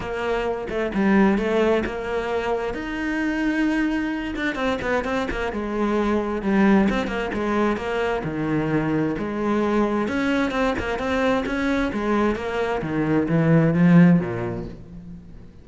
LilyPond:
\new Staff \with { instrumentName = "cello" } { \time 4/4 \tempo 4 = 131 ais4. a8 g4 a4 | ais2 dis'2~ | dis'4. d'8 c'8 b8 c'8 ais8 | gis2 g4 c'8 ais8 |
gis4 ais4 dis2 | gis2 cis'4 c'8 ais8 | c'4 cis'4 gis4 ais4 | dis4 e4 f4 ais,4 | }